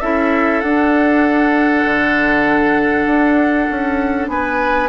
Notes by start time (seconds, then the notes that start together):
0.00 C#4 E4 A4 E5
0.60 D4 F#5
1.85 D3
3.06 D4
3.70 C#4
4.28 B3 B4 G#5